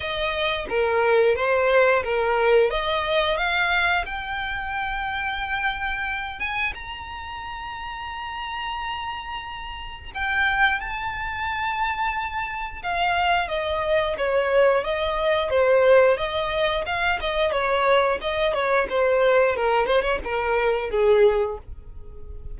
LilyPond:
\new Staff \with { instrumentName = "violin" } { \time 4/4 \tempo 4 = 89 dis''4 ais'4 c''4 ais'4 | dis''4 f''4 g''2~ | g''4. gis''8 ais''2~ | ais''2. g''4 |
a''2. f''4 | dis''4 cis''4 dis''4 c''4 | dis''4 f''8 dis''8 cis''4 dis''8 cis''8 | c''4 ais'8 c''16 cis''16 ais'4 gis'4 | }